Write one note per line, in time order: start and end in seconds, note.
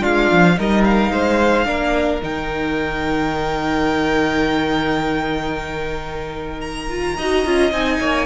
0.00 0.31 G#3
0.00 0.55 D4
0.00 0.55 F4
0.00 0.58 F5
0.31 0.58 F3
0.55 1.10 G3
0.55 1.65 D#4
0.55 1.12 A#4
0.55 0.83 D#5
0.83 2.21 F5
1.10 1.65 G#3
1.10 1.67 C5
1.65 2.21 A#3
1.65 2.20 D4
1.65 7.17 A#4
2.22 7.17 D#3
2.22 6.89 D#4
2.22 6.60 G5
6.60 7.71 A#5
6.89 7.16 F4
7.17 7.45 D#4
7.17 7.46 F#4
7.17 7.99 D#5
7.45 7.71 C#4
7.45 7.72 F4
7.71 7.99 C4
7.71 8.26 D#4
7.71 8.26 G#5
8.00 8.26 A#3
8.00 8.26 C#5